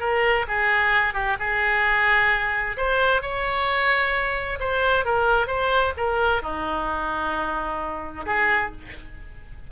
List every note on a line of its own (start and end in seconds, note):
0.00 0.46 A#4
0.48 1.14 G#4
1.14 1.37 G4
1.39 2.77 G#4
2.77 3.22 C5
3.22 4.59 C#5
4.60 5.05 C5
5.05 5.47 A#4
5.47 5.93 C5
5.97 6.42 A#4
6.42 8.25 D#4
8.26 8.71 G#4